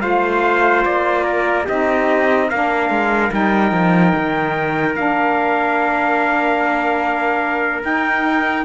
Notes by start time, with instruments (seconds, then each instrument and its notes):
0.00 cello A3, saxophone F4, trumpet C5 F5
0.85 cello A#3, trumpet D5
1.24 trumpet A#4
1.65 cello C4, saxophone D#4, trumpet G4 D#5
2.50 cello A#3, saxophone D4, trumpet A#4 F5
2.90 cello G#3
3.31 cello G3, saxophone D#4, trumpet G5
3.72 cello F3
4.15 cello D#3
4.95 cello A#3, saxophone D4, trumpet F5
7.82 saxophone D#4, cello D#4, trumpet G5